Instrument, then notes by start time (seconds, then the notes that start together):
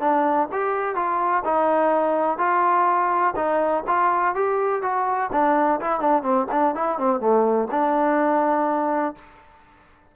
trombone
0.00 D4
0.52 G4
0.95 F4
1.44 D#4
2.38 F4
3.36 D#4
3.87 F4
4.35 G4
4.82 F#4
5.32 D4
5.80 E4
6.00 D4
6.22 C4
6.51 D4
6.75 E4
6.98 C4
7.20 A3
7.71 D4